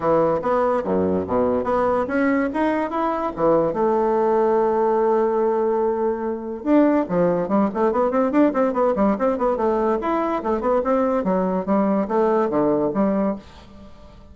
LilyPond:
\new Staff \with { instrumentName = "bassoon" } { \time 4/4 \tempo 4 = 144 e4 b4 fis,4 b,4 | b4 cis'4 dis'4 e'4 | e4 a2.~ | a1 |
d'4 f4 g8 a8 b8 c'8 | d'8 c'8 b8 g8 c'8 b8 a4 | e'4 a8 b8 c'4 fis4 | g4 a4 d4 g4 | }